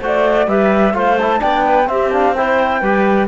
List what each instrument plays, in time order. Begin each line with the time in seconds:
0.00 cello A3, trombone F#4, clarinet C5
0.06 flute D5
0.48 cello G3, trombone G4, clarinet B4, flute E5
0.94 cello A3, trombone F4, clarinet C5, flute F5
1.19 trombone E4, flute A5
1.38 cello B3, trombone D4, clarinet D5, flute G5
1.66 clarinet B4
1.87 trombone C4, cello C4, clarinet G4, flute E5
2.12 trombone D4, flute F5
2.34 trombone E4, clarinet C5, flute G5
2.81 cello G3, trombone G4, clarinet B4